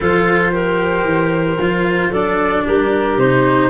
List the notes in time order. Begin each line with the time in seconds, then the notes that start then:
0.00 F3 F4 A4 C5
0.52 G4 A#4
1.04 E3
1.58 F3 F4
2.11 F#3 D4 A4 D5
2.64 G3 G4 A#4
3.17 C3 D#4 C5